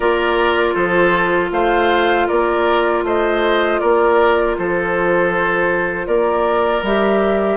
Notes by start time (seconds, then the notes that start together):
0.00 A#3 F4 A#4 D5
0.74 F3 A4 C5
1.51 A3 C5 F5
2.27 A#3 A#4 D5
3.03 A3 C5 D#5
3.79 A#3 A#4 D5
4.57 F3 A4 C5
6.06 A#3 A#4 D5
6.82 G3 G4 E5